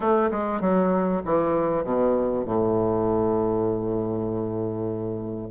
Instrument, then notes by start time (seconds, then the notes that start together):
bassoon
0.00 A3
0.31 G#3
0.60 F#3
1.25 E3
1.83 B2
2.45 A2